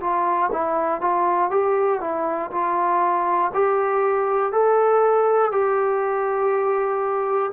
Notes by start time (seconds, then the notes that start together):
0.00 F4
0.52 E4
1.01 F4
1.51 G4
2.01 E4
2.51 F4
3.54 G4
4.52 A4
5.51 G4